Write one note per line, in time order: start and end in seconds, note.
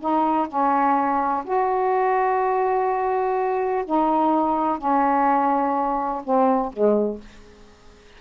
0.00 0.48 D#4
0.48 1.44 C#4
1.45 3.85 F#4
3.86 4.78 D#4
4.78 6.22 C#4
6.25 6.73 C4
6.73 7.21 G#3